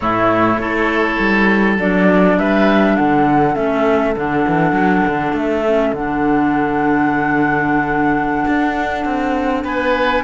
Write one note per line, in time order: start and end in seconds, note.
0.00 0.56 A2
0.00 0.60 A3
0.00 0.60 E4
0.00 1.75 C#5
0.56 1.16 A3
0.56 1.79 E4
0.56 2.38 A4
1.19 1.78 G3
1.78 2.37 F#3
1.78 3.54 D4
1.78 2.38 D5
2.37 2.97 G3
2.37 2.96 B4
2.37 2.96 E5
2.96 3.56 D3
2.96 9.64 A4
2.96 3.54 F#5
3.54 4.15 A3
3.54 4.13 C#4
3.54 4.14 E5
4.15 4.45 D3
4.15 5.64 D4
4.15 5.35 F#5
4.47 4.72 E3
4.72 5.02 F#3
5.07 5.32 D3
5.32 5.91 A3
5.32 5.93 E5
5.66 5.95 C#4
5.92 8.44 D3
5.92 10.23 D4
5.92 9.64 F#5
8.47 9.04 D4
9.04 9.64 C4
9.64 10.23 B3
9.64 10.23 B4
9.64 10.23 G#5